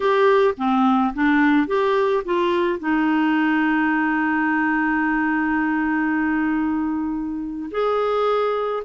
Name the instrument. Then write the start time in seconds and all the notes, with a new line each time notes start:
clarinet
0.00 G4
0.57 C4
1.14 D4
1.67 G4
2.24 F4
2.79 D#4
7.71 G#4